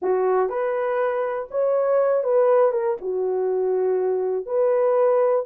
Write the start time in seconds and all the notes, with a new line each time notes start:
0.02 F#4
0.49 B4
1.50 C#5
2.23 B4
2.71 A#4
3.01 F#4
4.45 B4